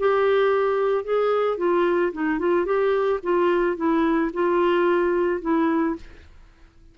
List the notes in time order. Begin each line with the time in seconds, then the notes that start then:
0.00 G4
1.05 G#4
1.58 F4
2.13 D#4
2.40 F4
2.66 G4
3.23 F4
3.77 E4
4.34 F4
5.42 E4